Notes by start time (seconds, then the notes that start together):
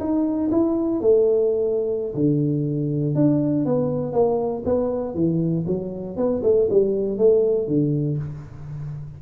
0.00 D#4
0.51 E4
1.01 A3
2.15 D3
3.15 D4
3.66 B3
4.13 A#3
4.65 B3
5.15 E3
5.67 F#3
6.17 B3
6.43 A3
6.70 G3
7.18 A3
7.68 D3